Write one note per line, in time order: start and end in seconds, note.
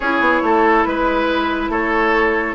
0.00 0.20 C#4
0.00 2.54 E4
0.00 0.42 G#4
0.00 0.84 C#5
0.20 0.41 B3
0.42 0.84 A3
0.42 0.87 A4
0.84 1.68 G#3
0.84 1.69 B4
0.84 1.71 B4
1.68 2.53 A3
1.68 2.54 A4
1.68 2.54 C#5